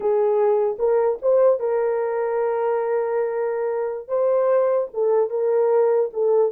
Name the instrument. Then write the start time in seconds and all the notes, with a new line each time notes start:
horn
0.00 G#4
0.78 A#4
1.21 C5
1.59 A#4
4.08 C5
4.93 A4
5.29 A#4
6.13 A4